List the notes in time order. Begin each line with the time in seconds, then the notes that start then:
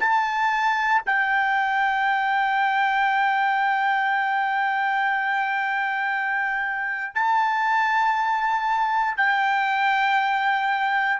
0.00 A5
1.06 G5
7.15 A5
9.16 G5